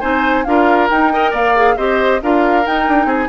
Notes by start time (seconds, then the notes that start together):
0.00 C4 D#4 C5 G#5
0.44 D4 F4 A#4 F5
0.90 D#4 G5
1.12 A#4 D#5
1.31 A#3 D5 F5
1.55 G#4
1.77 C4 G4 C5 D#5
2.22 D4 F4 A#4 F5
2.64 D#4 G5
2.88 D4
3.05 C4 G#4 G#5